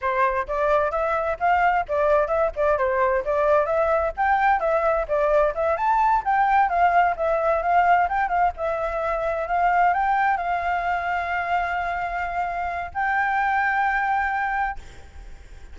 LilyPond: \new Staff \with { instrumentName = "flute" } { \time 4/4 \tempo 4 = 130 c''4 d''4 e''4 f''4 | d''4 e''8 d''8 c''4 d''4 | e''4 g''4 e''4 d''4 | e''8 a''4 g''4 f''4 e''8~ |
e''8 f''4 g''8 f''8 e''4.~ | e''8 f''4 g''4 f''4.~ | f''1 | g''1 | }